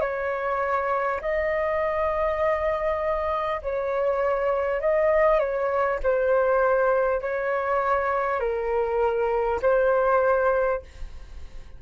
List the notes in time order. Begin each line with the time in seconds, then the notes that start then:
0.00 C#5
1.21 D#5
3.62 C#5
4.80 D#5
5.39 C#5
6.03 C5
7.21 C#5
8.39 A#4
9.62 C5